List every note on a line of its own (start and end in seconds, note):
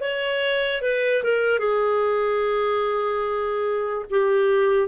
0.00 0.82 C#5
0.82 1.23 B4
1.23 1.59 A#4
1.59 4.05 G#4
4.10 4.88 G4